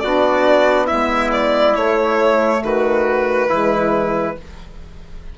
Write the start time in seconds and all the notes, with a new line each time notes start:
0.00 B3 D4 F#4 D5
0.87 G#3 B3 E4 E5
1.33 D5
1.76 A3 C#5
2.63 D#3 F#4 B4
3.49 E3 G#3 E4